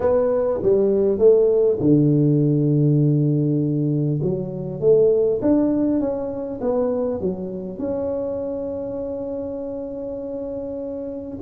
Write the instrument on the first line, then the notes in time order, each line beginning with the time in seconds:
tuba
0.00 B3
0.62 G3
1.18 A3
1.79 D3
4.21 F#3
4.80 A3
5.41 D4
5.99 C#4
6.61 B3
7.20 F#3
7.78 C#4